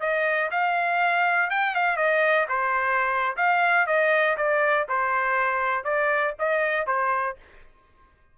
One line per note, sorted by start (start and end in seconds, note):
0.00 0.50 D#5
0.50 1.50 F5
1.50 1.75 G5
1.75 1.96 F5
1.96 2.46 D#5
2.48 3.36 C5
3.36 3.86 F5
3.86 4.36 D#5
4.37 4.87 D5
4.88 5.84 C5
5.84 6.34 D5
6.39 6.86 D#5
6.86 7.36 C5